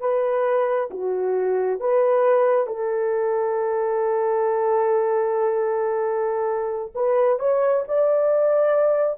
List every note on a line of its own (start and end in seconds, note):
0.00 0.90 B4
0.90 1.80 F#4
1.80 2.66 B4
2.66 6.92 A4
6.94 7.39 B4
7.39 7.84 C#5
7.88 9.18 D5